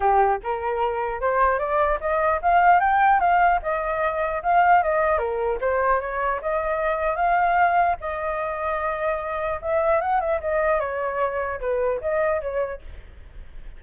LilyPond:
\new Staff \with { instrumentName = "flute" } { \time 4/4 \tempo 4 = 150 g'4 ais'2 c''4 | d''4 dis''4 f''4 g''4 | f''4 dis''2 f''4 | dis''4 ais'4 c''4 cis''4 |
dis''2 f''2 | dis''1 | e''4 fis''8 e''8 dis''4 cis''4~ | cis''4 b'4 dis''4 cis''4 | }